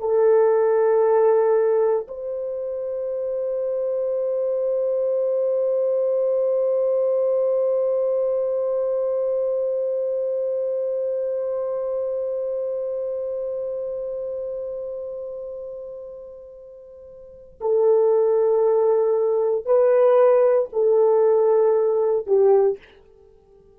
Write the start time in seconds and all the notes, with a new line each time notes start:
0.00 A4
2.08 C5
17.61 A4
19.66 B4
20.73 A4
22.27 G4